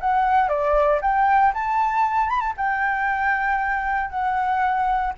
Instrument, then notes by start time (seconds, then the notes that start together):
flute
0.00 F#5
0.48 D5
1.01 G5
1.54 A5
2.29 B5
2.40 A5
2.57 G5
4.10 F#5